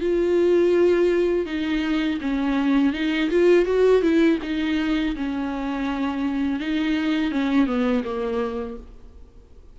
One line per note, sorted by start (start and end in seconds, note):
0.00 1.46 F4
1.46 2.19 D#4
2.21 2.93 C#4
2.93 3.30 D#4
3.30 3.65 F4
3.65 4.02 F#4
4.02 4.38 E4
4.42 5.16 D#4
5.16 6.60 C#4
6.60 7.31 D#4
7.31 7.67 C#4
7.67 8.03 B3
8.04 8.77 A#3